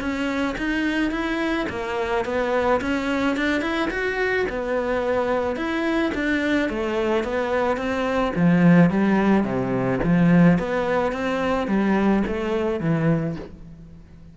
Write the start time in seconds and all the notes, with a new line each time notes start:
0.00 C#4
0.58 D#4
1.11 E4
1.69 A#3
2.25 B3
2.81 C#4
3.37 D4
3.61 E4
3.91 F#4
4.49 B3
5.56 E4
6.14 D4
6.69 A3
7.24 B3
7.77 C4
8.35 F3
8.90 G3
9.44 C3
10.04 F3
10.59 B3
11.12 C4
11.67 G3
12.27 A3
12.80 E3